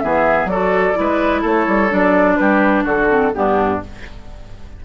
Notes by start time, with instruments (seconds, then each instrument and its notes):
0.00 bassoon E3, clarinet B3, oboe G#4, flute E5
0.45 bassoon F#3, oboe A4, flute D5
0.52 clarinet F#4
0.94 bassoon G#3, clarinet E4
1.00 oboe B4
1.41 bassoon A3, oboe A4, flute C#5
1.68 bassoon G3
1.89 bassoon F#3, clarinet D4, flute D5
2.37 bassoon G3, oboe G4, flute B4
2.84 bassoon D3, oboe F#4, flute A4
3.09 clarinet C4
3.34 bassoon G2, clarinet B3, oboe D4, flute G4